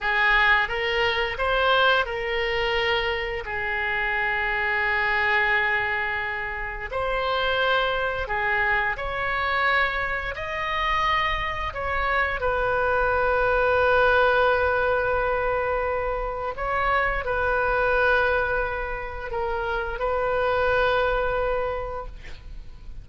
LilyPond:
\new Staff \with { instrumentName = "oboe" } { \time 4/4 \tempo 4 = 87 gis'4 ais'4 c''4 ais'4~ | ais'4 gis'2.~ | gis'2 c''2 | gis'4 cis''2 dis''4~ |
dis''4 cis''4 b'2~ | b'1 | cis''4 b'2. | ais'4 b'2. | }